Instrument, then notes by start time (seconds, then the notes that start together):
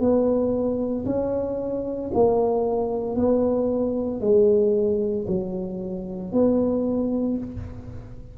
tuba
0.00 B3
1.06 C#4
2.14 A#3
3.15 B3
4.21 G#3
5.27 F#3
6.32 B3